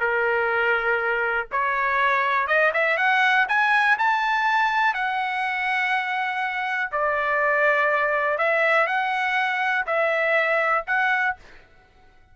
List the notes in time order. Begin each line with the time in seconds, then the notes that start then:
0.00 A#4
1.51 C#5
2.47 D#5
2.73 E5
2.97 F#5
3.48 G#5
3.98 A5
4.94 F#5
6.91 D5
8.38 E5
8.87 F#5
9.86 E5
10.86 F#5